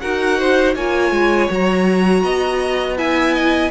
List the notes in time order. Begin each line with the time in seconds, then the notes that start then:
0.00 D#4 F#4 A#4 F#5
0.39 C5
0.75 A#3 F4 C#5 G#5
1.12 G#3
1.51 F#3 F#4 A#5
2.24 B3 D#5
2.98 E4 E5 G#5
3.35 D#5